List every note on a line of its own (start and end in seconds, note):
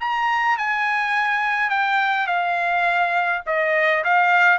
0.00 0.58 A#5
0.58 1.70 G#5
1.70 2.27 G5
2.27 3.42 F5
3.46 4.04 D#5
4.04 4.58 F5